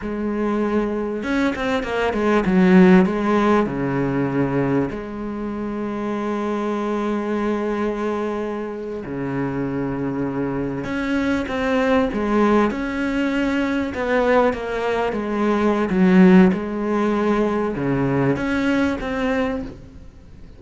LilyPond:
\new Staff \with { instrumentName = "cello" } { \time 4/4 \tempo 4 = 98 gis2 cis'8 c'8 ais8 gis8 | fis4 gis4 cis2 | gis1~ | gis2~ gis8. cis4~ cis16~ |
cis4.~ cis16 cis'4 c'4 gis16~ | gis8. cis'2 b4 ais16~ | ais8. gis4~ gis16 fis4 gis4~ | gis4 cis4 cis'4 c'4 | }